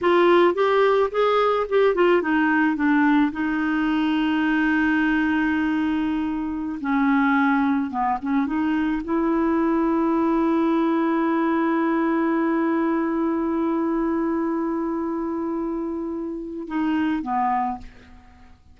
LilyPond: \new Staff \with { instrumentName = "clarinet" } { \time 4/4 \tempo 4 = 108 f'4 g'4 gis'4 g'8 f'8 | dis'4 d'4 dis'2~ | dis'1~ | dis'16 cis'2 b8 cis'8 dis'8.~ |
dis'16 e'2.~ e'8.~ | e'1~ | e'1~ | e'2 dis'4 b4 | }